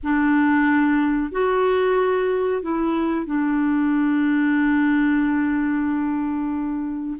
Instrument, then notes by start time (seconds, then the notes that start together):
clarinet
0.03 D4
1.31 F#4
2.61 E4
3.25 D4